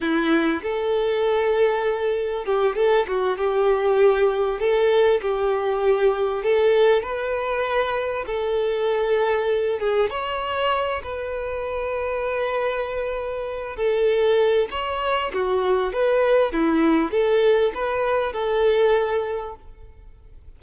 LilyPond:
\new Staff \with { instrumentName = "violin" } { \time 4/4 \tempo 4 = 98 e'4 a'2. | g'8 a'8 fis'8 g'2 a'8~ | a'8 g'2 a'4 b'8~ | b'4. a'2~ a'8 |
gis'8 cis''4. b'2~ | b'2~ b'8 a'4. | cis''4 fis'4 b'4 e'4 | a'4 b'4 a'2 | }